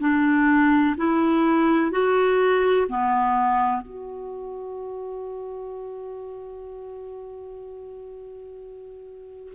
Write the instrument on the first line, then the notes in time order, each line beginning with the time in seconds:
clarinet
0.00 D4
0.97 E4
1.92 F#4
2.88 B3
3.81 F#4